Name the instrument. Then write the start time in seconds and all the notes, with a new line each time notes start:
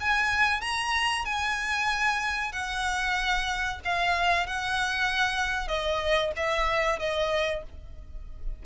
violin
0.00 G#5
0.61 A#5
1.25 G#5
2.52 F#5
3.84 F5
4.46 F#5
5.68 D#5
6.36 E5
6.99 D#5